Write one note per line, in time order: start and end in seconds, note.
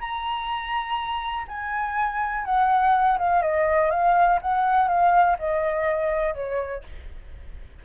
0.00 1.46 A#5
1.48 2.45 G#5
2.45 3.18 F#5
3.18 3.42 F5
3.42 3.90 D#5
3.90 4.39 F5
4.42 4.88 F#5
4.88 5.37 F5
5.39 6.35 D#5
6.35 6.83 C#5